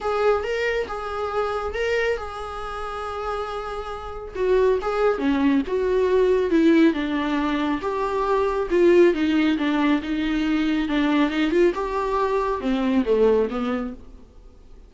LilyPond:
\new Staff \with { instrumentName = "viola" } { \time 4/4 \tempo 4 = 138 gis'4 ais'4 gis'2 | ais'4 gis'2.~ | gis'2 fis'4 gis'4 | cis'4 fis'2 e'4 |
d'2 g'2 | f'4 dis'4 d'4 dis'4~ | dis'4 d'4 dis'8 f'8 g'4~ | g'4 c'4 a4 b4 | }